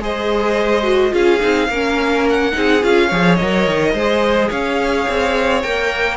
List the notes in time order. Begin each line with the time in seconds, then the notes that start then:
0.00 G#3 G#4 C5 D#5
0.83 F#4
1.11 C#4 F4 G#4 F5
1.41 C4 D#4
1.68 A#3 C#4 A#4
2.29 F#5
2.52 C4 D#4 G#4
2.83 C#4 F4 F5
3.07 F3 G#4 C#5
3.36 F#3 D#5
3.42 A#4
3.67 D#3
3.94 G#3 G#4 C5
4.49 C#4 C#5 F5
5.08 C4
5.62 A#3 A#4 G5